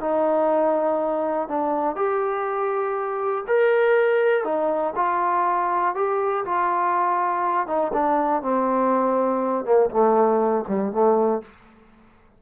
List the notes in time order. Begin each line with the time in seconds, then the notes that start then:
0.00 D#4
1.48 D4
1.96 G4
3.47 A#4
4.44 D#4
4.96 F4
5.95 G4
6.45 F4
7.67 D#4
7.93 D4
8.42 C4
9.65 A#3
9.90 A3
10.68 G3
10.92 A3